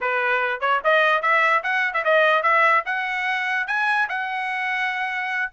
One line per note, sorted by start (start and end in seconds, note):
0.01 0.60 B4
0.60 0.81 C#5
0.84 1.22 D#5
1.22 1.62 E5
1.63 1.93 F#5
1.93 2.03 E5
2.04 2.42 D#5
2.42 2.83 E5
2.85 3.67 F#5
3.67 4.08 G#5
4.08 5.51 F#5